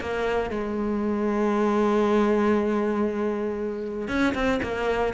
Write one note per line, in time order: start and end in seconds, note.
0.00 0.50 A#3
0.50 4.08 G#3
4.08 4.33 C#4
4.34 4.60 C4
4.62 5.13 A#3